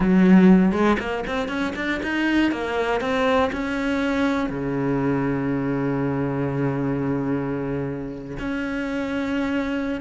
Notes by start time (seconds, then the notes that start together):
0.00 F#3
0.72 G#3
0.99 A#3
1.26 C4
1.48 C#4
1.75 D4
2.02 D#4
2.51 A#3
3.00 C4
3.52 C#4
4.49 C#3
8.38 C#4